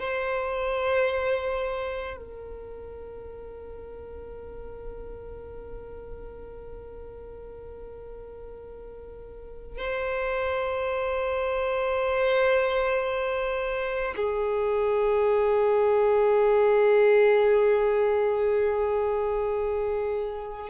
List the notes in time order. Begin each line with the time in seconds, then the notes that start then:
0.00 C5
2.17 A#4
9.78 C5
14.16 G#4